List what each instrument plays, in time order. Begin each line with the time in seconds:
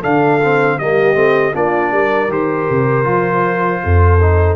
0.00 tuba D3, trombone D4, horn A4, trumpet F5
0.43 trombone C4
0.78 tuba G3, trombone A#3, horn G4, trumpet D#5
1.14 tuba A3, trombone C4
1.54 tuba A#3, trombone D4, horn F4, trumpet D5
1.91 tuba G3, horn A#4
2.28 tuba D#3, trombone G4, trumpet C5
2.70 tuba C3
3.04 tuba F3, trombone F4
3.84 tuba F2, horn A4
4.21 trombone D#4